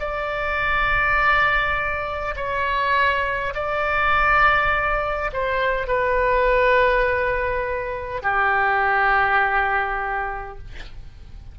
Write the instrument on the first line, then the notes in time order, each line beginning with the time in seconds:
oboe
0.00 D5
2.36 C#5
3.55 D5
5.33 C5
5.87 B4
8.23 G4